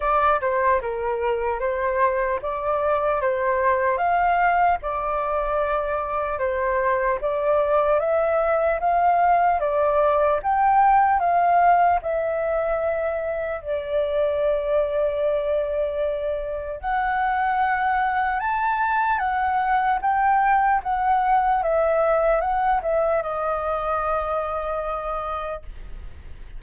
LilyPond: \new Staff \with { instrumentName = "flute" } { \time 4/4 \tempo 4 = 75 d''8 c''8 ais'4 c''4 d''4 | c''4 f''4 d''2 | c''4 d''4 e''4 f''4 | d''4 g''4 f''4 e''4~ |
e''4 d''2.~ | d''4 fis''2 a''4 | fis''4 g''4 fis''4 e''4 | fis''8 e''8 dis''2. | }